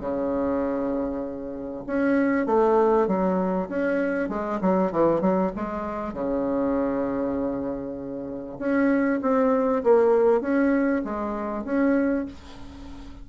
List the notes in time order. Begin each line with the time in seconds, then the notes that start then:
0.00 C#3
1.86 C#4
2.46 A3
3.07 F#3
3.69 C#4
4.29 G#3
4.61 F#3
4.91 E3
5.20 F#3
5.55 G#3
6.13 C#3
8.59 C#4
9.21 C4
9.83 A#3
10.41 C#4
11.04 G#3
11.64 C#4